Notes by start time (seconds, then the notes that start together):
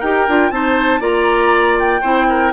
0.00 D#4 G4 A#4 G5
0.28 D4 F4
0.51 C4 D#4 C5 A5
1.00 A#3 F4 D5 A#5
1.79 G5
2.01 C4 E4 C5
2.29 A#4